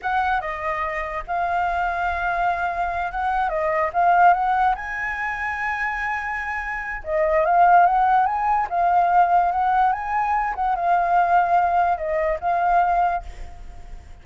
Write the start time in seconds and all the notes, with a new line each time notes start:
0.02 F#5
0.40 D#5
1.27 F5
3.11 F#5
3.49 D#5
3.93 F5
4.33 F#5
4.75 G#5
7.04 D#5
7.45 F5
7.85 F#5
8.26 G#5
8.69 F5
9.51 F#5
9.92 G#5
10.55 F#5
10.75 F5
11.97 D#5
12.40 F5